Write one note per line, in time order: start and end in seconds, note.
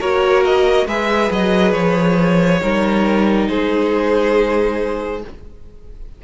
0.00 0.87 A#3
0.00 0.88 F#4
0.00 0.87 A#4
0.00 0.44 C#5
0.44 0.88 D#5
0.87 1.30 G#3
0.87 2.61 G#4
0.87 2.61 B4
0.87 1.32 E5
1.31 1.74 F#3
1.31 1.72 D#5
1.72 2.61 F3
1.72 3.46 C#5
2.61 3.49 G3
2.61 5.22 D#4
2.61 3.49 A#4
3.48 5.24 G#3
3.48 5.23 G#4
3.48 5.22 C5